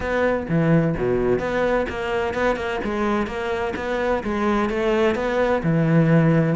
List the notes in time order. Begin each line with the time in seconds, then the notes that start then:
0.00 B3
0.48 E3
0.97 B2
1.39 B3
1.89 A#3
2.34 B3
2.56 A#3
2.84 G#3
3.26 A#3
3.76 B3
4.23 G#3
4.69 A3
5.15 B3
5.63 E3